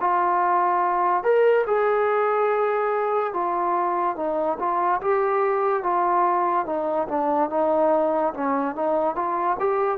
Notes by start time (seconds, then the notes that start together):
0.00 F4
1.23 A#4
1.67 G#4
3.33 F4
4.16 D#4
4.59 F4
5.01 G4
5.83 F4
6.66 D#4
7.08 D4
7.50 D#4
8.34 C#4
8.75 D#4
9.16 F4
9.59 G4